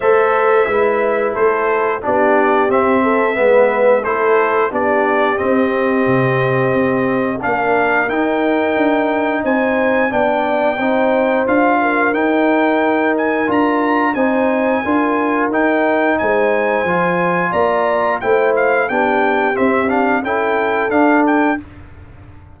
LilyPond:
<<
  \new Staff \with { instrumentName = "trumpet" } { \time 4/4 \tempo 4 = 89 e''2 c''4 d''4 | e''2 c''4 d''4 | dis''2. f''4 | g''2 gis''4 g''4~ |
g''4 f''4 g''4. gis''8 | ais''4 gis''2 g''4 | gis''2 ais''4 g''8 f''8 | g''4 e''8 f''8 g''4 f''8 g''8 | }
  \new Staff \with { instrumentName = "horn" } { \time 4/4 c''4 b'4 a'4 g'4~ | g'8 a'8 b'4 a'4 g'4~ | g'2. ais'4~ | ais'2 c''4 d''4 |
c''4. ais'2~ ais'8~ | ais'4 c''4 ais'2 | c''2 d''4 c''4 | g'2 a'2 | }
  \new Staff \with { instrumentName = "trombone" } { \time 4/4 a'4 e'2 d'4 | c'4 b4 e'4 d'4 | c'2. d'4 | dis'2. d'4 |
dis'4 f'4 dis'2 | f'4 dis'4 f'4 dis'4~ | dis'4 f'2 e'4 | d'4 c'8 d'8 e'4 d'4 | }
  \new Staff \with { instrumentName = "tuba" } { \time 4/4 a4 gis4 a4 b4 | c'4 gis4 a4 b4 | c'4 c4 c'4 ais4 | dis'4 d'4 c'4 b4 |
c'4 d'4 dis'2 | d'4 c'4 d'4 dis'4 | gis4 f4 ais4 a4 | b4 c'4 cis'4 d'4 | }
>>